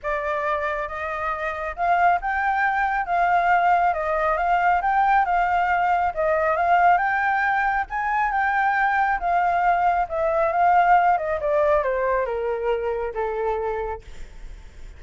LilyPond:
\new Staff \with { instrumentName = "flute" } { \time 4/4 \tempo 4 = 137 d''2 dis''2 | f''4 g''2 f''4~ | f''4 dis''4 f''4 g''4 | f''2 dis''4 f''4 |
g''2 gis''4 g''4~ | g''4 f''2 e''4 | f''4. dis''8 d''4 c''4 | ais'2 a'2 | }